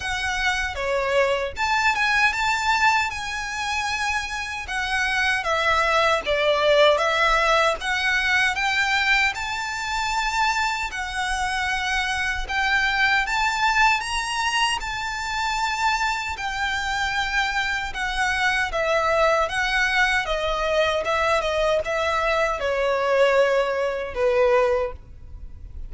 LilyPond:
\new Staff \with { instrumentName = "violin" } { \time 4/4 \tempo 4 = 77 fis''4 cis''4 a''8 gis''8 a''4 | gis''2 fis''4 e''4 | d''4 e''4 fis''4 g''4 | a''2 fis''2 |
g''4 a''4 ais''4 a''4~ | a''4 g''2 fis''4 | e''4 fis''4 dis''4 e''8 dis''8 | e''4 cis''2 b'4 | }